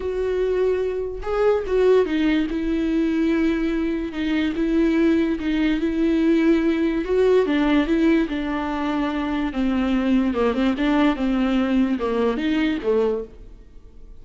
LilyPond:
\new Staff \with { instrumentName = "viola" } { \time 4/4 \tempo 4 = 145 fis'2. gis'4 | fis'4 dis'4 e'2~ | e'2 dis'4 e'4~ | e'4 dis'4 e'2~ |
e'4 fis'4 d'4 e'4 | d'2. c'4~ | c'4 ais8 c'8 d'4 c'4~ | c'4 ais4 dis'4 a4 | }